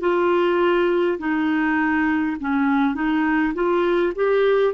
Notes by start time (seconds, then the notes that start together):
0.00 F4
1.19 D#4
2.40 C#4
2.95 D#4
3.54 F4
4.15 G4